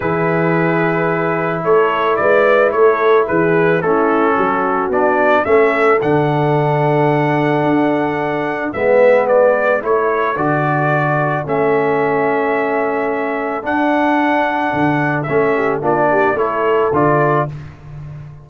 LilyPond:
<<
  \new Staff \with { instrumentName = "trumpet" } { \time 4/4 \tempo 4 = 110 b'2. cis''4 | d''4 cis''4 b'4 a'4~ | a'4 d''4 e''4 fis''4~ | fis''1 |
e''4 d''4 cis''4 d''4~ | d''4 e''2.~ | e''4 fis''2. | e''4 d''4 cis''4 d''4 | }
  \new Staff \with { instrumentName = "horn" } { \time 4/4 gis'2. a'4 | b'4 a'4 gis'4 e'4 | fis'2 a'2~ | a'1 |
b'2 a'2~ | a'1~ | a'1~ | a'8 g'8 f'8 g'8 a'2 | }
  \new Staff \with { instrumentName = "trombone" } { \time 4/4 e'1~ | e'2. cis'4~ | cis'4 d'4 cis'4 d'4~ | d'1 |
b2 e'4 fis'4~ | fis'4 cis'2.~ | cis'4 d'2. | cis'4 d'4 e'4 f'4 | }
  \new Staff \with { instrumentName = "tuba" } { \time 4/4 e2. a4 | gis4 a4 e4 a4 | fis4 b4 a4 d4~ | d2 d'2 |
gis2 a4 d4~ | d4 a2.~ | a4 d'2 d4 | a4 ais4 a4 d4 | }
>>